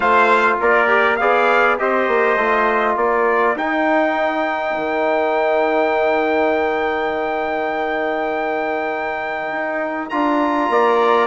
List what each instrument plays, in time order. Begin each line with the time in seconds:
0.00 bassoon A3, trombone F4, trumpet C5 F5
0.60 bassoon A#3, trumpet A#4 D5
0.87 trombone G4
1.16 bassoon B3, trombone G#4, trumpet D5 F5
1.78 bassoon C4, trombone G4, trumpet C5 D#5
2.07 bassoon A#3
2.36 bassoon A3, trombone F4
2.94 bassoon A#3, trumpet A#4 D5
3.55 bassoon D#4, trombone D#4, trumpet G5
4.76 bassoon D#3
9.51 bassoon D#4
10.09 bassoon D4, trombone F4, trumpet A#5
10.69 bassoon A#3, trumpet D5